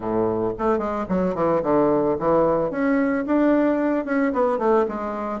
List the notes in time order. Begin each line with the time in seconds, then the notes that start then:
0.00 A2
0.58 A3
0.78 G#3
1.08 F#3
1.34 E3
1.62 D3
2.19 E3
2.70 C#4
3.26 D4
4.05 C#4
4.32 B3
4.58 A3
4.88 G#3